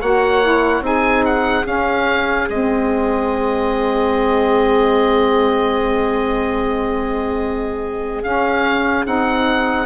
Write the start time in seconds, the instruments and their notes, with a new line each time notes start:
0.00 bassoon A#3, saxophone F#4, viola C#5, oboe F#5
0.42 saxophone E4
0.80 bassoon C4, saxophone D#4, viola G#4, oboe G#5
1.25 oboe F#5
1.65 saxophone C#4, bassoon C#4, oboe F5
2.48 bassoon G#3, saxophone C4, oboe D#5
8.23 bassoon C#4, saxophone C#4, oboe F5
9.04 bassoon C4, saxophone D#4, oboe F#5